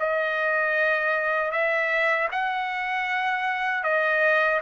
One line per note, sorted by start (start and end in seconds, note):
0.00 1.52 D#5
1.52 2.29 E5
2.32 3.84 F#5
3.84 4.60 D#5